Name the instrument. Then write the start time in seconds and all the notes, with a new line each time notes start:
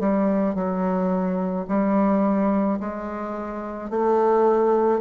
bassoon
0.00 G3
0.55 F#3
1.69 G3
2.80 G#3
3.90 A3